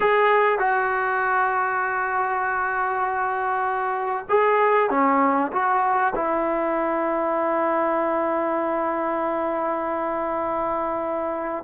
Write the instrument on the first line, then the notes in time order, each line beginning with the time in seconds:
trombone
0.00 G#4
0.58 F#4
4.29 G#4
4.90 C#4
5.52 F#4
6.15 E4